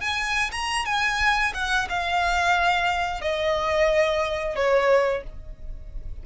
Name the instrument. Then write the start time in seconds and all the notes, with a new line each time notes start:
violin
0.00 G#5
0.51 A#5
0.85 G#5
1.54 F#5
1.89 F5
3.21 D#5
4.55 C#5